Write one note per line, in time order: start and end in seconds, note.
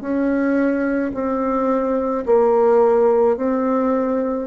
0.00 1.11 C#4
1.13 2.24 C4
2.25 3.36 A#3
3.36 4.47 C4